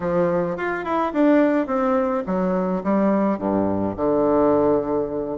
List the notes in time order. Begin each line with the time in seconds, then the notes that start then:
0.00 F3
0.57 F4
0.84 E4
1.13 D4
1.66 C4
2.26 F#3
2.83 G3
3.38 G2
3.96 D3